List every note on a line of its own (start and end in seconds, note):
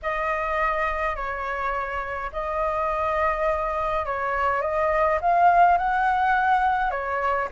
0.02 1.15 D#5
1.15 2.31 C#5
2.32 4.05 D#5
4.05 4.61 C#5
4.61 5.19 D#5
5.21 5.77 F5
5.77 6.90 F#5
6.90 7.48 C#5